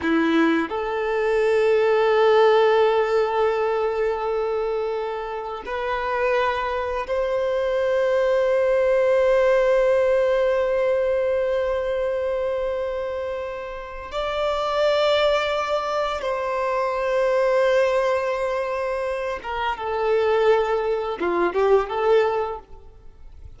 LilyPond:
\new Staff \with { instrumentName = "violin" } { \time 4/4 \tempo 4 = 85 e'4 a'2.~ | a'1 | b'2 c''2~ | c''1~ |
c''1 | d''2. c''4~ | c''2.~ c''8 ais'8 | a'2 f'8 g'8 a'4 | }